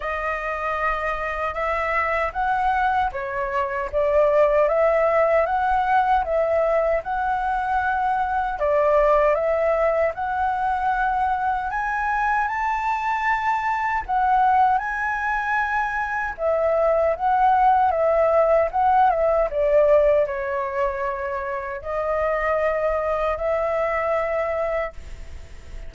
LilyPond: \new Staff \with { instrumentName = "flute" } { \time 4/4 \tempo 4 = 77 dis''2 e''4 fis''4 | cis''4 d''4 e''4 fis''4 | e''4 fis''2 d''4 | e''4 fis''2 gis''4 |
a''2 fis''4 gis''4~ | gis''4 e''4 fis''4 e''4 | fis''8 e''8 d''4 cis''2 | dis''2 e''2 | }